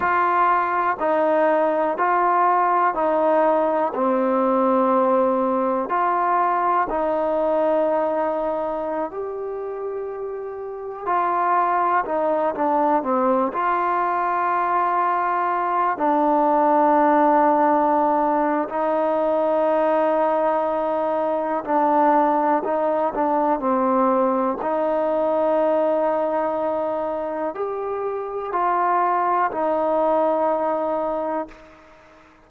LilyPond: \new Staff \with { instrumentName = "trombone" } { \time 4/4 \tempo 4 = 61 f'4 dis'4 f'4 dis'4 | c'2 f'4 dis'4~ | dis'4~ dis'16 g'2 f'8.~ | f'16 dis'8 d'8 c'8 f'2~ f'16~ |
f'16 d'2~ d'8. dis'4~ | dis'2 d'4 dis'8 d'8 | c'4 dis'2. | g'4 f'4 dis'2 | }